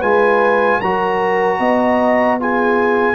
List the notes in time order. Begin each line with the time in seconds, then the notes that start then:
0.00 G#3 F4 B4 G#5
0.80 F#3 F#4 A#4 A#5
1.59 B3 D#5
2.40 F4 G#4 G#5